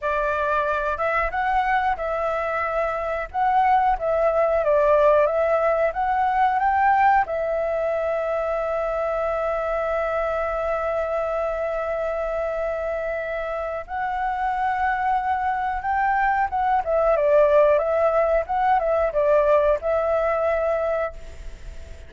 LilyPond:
\new Staff \with { instrumentName = "flute" } { \time 4/4 \tempo 4 = 91 d''4. e''8 fis''4 e''4~ | e''4 fis''4 e''4 d''4 | e''4 fis''4 g''4 e''4~ | e''1~ |
e''1~ | e''4 fis''2. | g''4 fis''8 e''8 d''4 e''4 | fis''8 e''8 d''4 e''2 | }